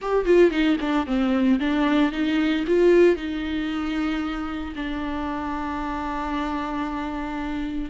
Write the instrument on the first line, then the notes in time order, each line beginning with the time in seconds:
viola
0.01 G4
0.25 F4
0.50 D#4
0.80 D4
1.06 C4
1.59 D4
2.11 D#4
2.67 F4
3.16 D#4
4.75 D4